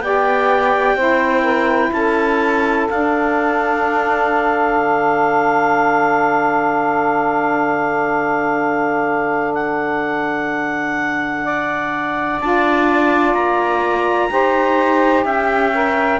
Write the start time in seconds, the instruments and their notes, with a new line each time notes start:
0.00 cello B3, saxophone G4 D5, clarinet G5
0.95 cello C4, saxophone E4 C5
1.41 saxophone A#4
1.92 cello C#4, saxophone A4, clarinet A5
2.89 saxophone D4, cello D4, clarinet F5
4.77 cello D3
9.54 clarinet F#5
11.44 saxophone D5
12.40 cello D4, saxophone F4, clarinet A5
13.34 cello A#3, clarinet A#5
14.29 cello D#4, saxophone G4 C5
15.25 cello C#4, saxophone E5, clarinet G5
15.74 saxophone A#4